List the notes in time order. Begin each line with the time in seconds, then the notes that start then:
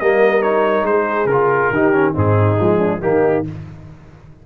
0.00 G3 A#3 A#4 D#5
0.42 D#4 C#5
0.83 G#3 C5
0.90 G#4
1.26 C#3 A#4
1.32 F4
1.71 D#3 D#4 G4
1.93 C#4
2.14 G#2 C4 D#4 G#4
2.60 F3 G#3
2.79 D4
3.02 D#3 A#3 D#4 G4